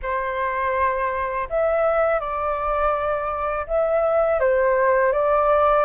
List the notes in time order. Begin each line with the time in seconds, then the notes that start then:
0.02 C5
1.49 E5
2.20 D5
3.66 E5
4.40 C5
5.12 D5